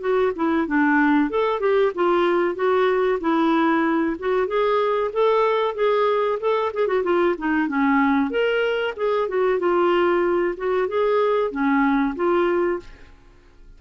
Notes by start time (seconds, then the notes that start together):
0.00 F#4
0.35 E4
0.67 D4
1.30 A4
1.60 G4
1.94 F4
2.55 F#4
3.20 E4
4.19 F#4
4.47 G#4
5.12 A4
5.75 G#4
6.40 A4
6.73 G#4
6.87 F#4
7.03 F4
7.38 D#4
7.68 C#4
8.30 A#4
8.96 G#4
9.28 F#4
9.59 F4
10.57 F#4
10.88 G#4
11.51 C#4
12.15 F4